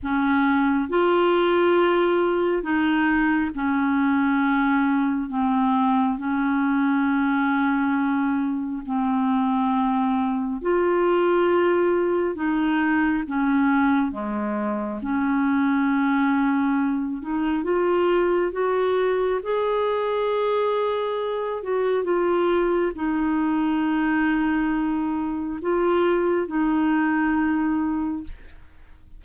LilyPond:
\new Staff \with { instrumentName = "clarinet" } { \time 4/4 \tempo 4 = 68 cis'4 f'2 dis'4 | cis'2 c'4 cis'4~ | cis'2 c'2 | f'2 dis'4 cis'4 |
gis4 cis'2~ cis'8 dis'8 | f'4 fis'4 gis'2~ | gis'8 fis'8 f'4 dis'2~ | dis'4 f'4 dis'2 | }